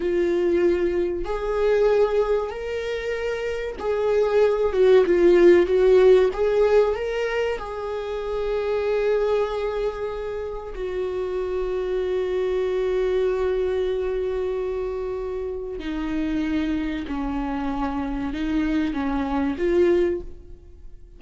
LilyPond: \new Staff \with { instrumentName = "viola" } { \time 4/4 \tempo 4 = 95 f'2 gis'2 | ais'2 gis'4. fis'8 | f'4 fis'4 gis'4 ais'4 | gis'1~ |
gis'4 fis'2.~ | fis'1~ | fis'4 dis'2 cis'4~ | cis'4 dis'4 cis'4 f'4 | }